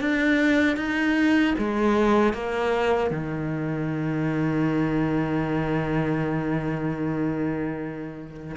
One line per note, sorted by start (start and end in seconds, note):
0.00 0.76 D4
0.76 1.54 D#4
1.58 2.33 G#3
2.33 3.10 A#3
3.10 8.56 D#3